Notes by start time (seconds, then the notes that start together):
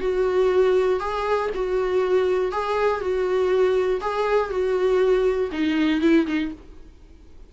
0.00 F#4
0.99 G#4
1.54 F#4
2.51 G#4
3.00 F#4
4.01 G#4
4.50 F#4
5.51 D#4
6.01 E4
6.26 D#4